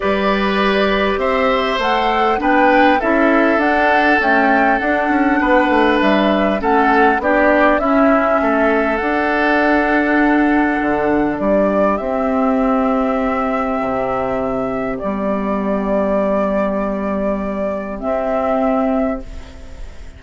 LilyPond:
<<
  \new Staff \with { instrumentName = "flute" } { \time 4/4 \tempo 4 = 100 d''2 e''4 fis''4 | g''4 e''4 fis''4 g''4 | fis''2 e''4 fis''4 | d''4 e''2 fis''4~ |
fis''2. d''4 | e''1~ | e''4 d''2.~ | d''2 e''2 | }
  \new Staff \with { instrumentName = "oboe" } { \time 4/4 b'2 c''2 | b'4 a'2.~ | a'4 b'2 a'4 | g'4 e'4 a'2~ |
a'2. g'4~ | g'1~ | g'1~ | g'1 | }
  \new Staff \with { instrumentName = "clarinet" } { \time 4/4 g'2. a'4 | d'4 e'4 d'4 a4 | d'2. cis'4 | d'4 cis'2 d'4~ |
d'1 | c'1~ | c'4 b2.~ | b2 c'2 | }
  \new Staff \with { instrumentName = "bassoon" } { \time 4/4 g2 c'4 a4 | b4 cis'4 d'4 cis'4 | d'8 cis'8 b8 a8 g4 a4 | b4 cis'4 a4 d'4~ |
d'2 d4 g4 | c'2. c4~ | c4 g2.~ | g2 c'2 | }
>>